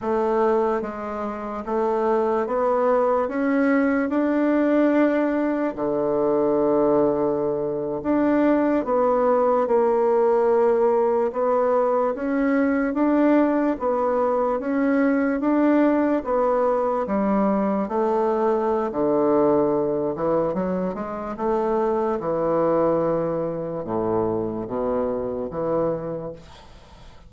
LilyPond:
\new Staff \with { instrumentName = "bassoon" } { \time 4/4 \tempo 4 = 73 a4 gis4 a4 b4 | cis'4 d'2 d4~ | d4.~ d16 d'4 b4 ais16~ | ais4.~ ais16 b4 cis'4 d'16~ |
d'8. b4 cis'4 d'4 b16~ | b8. g4 a4~ a16 d4~ | d8 e8 fis8 gis8 a4 e4~ | e4 a,4 b,4 e4 | }